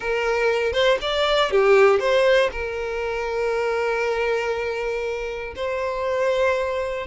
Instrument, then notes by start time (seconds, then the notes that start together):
violin
0.00 A#4
0.72 C5
1.01 D5
1.50 G4
1.99 C5
2.51 A#4
5.55 C5